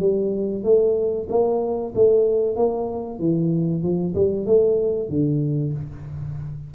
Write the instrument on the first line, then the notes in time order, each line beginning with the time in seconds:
tuba
0.00 G3
0.64 A3
1.30 A#3
1.95 A3
2.56 A#3
3.20 E3
3.83 F3
4.15 G3
4.46 A3
5.10 D3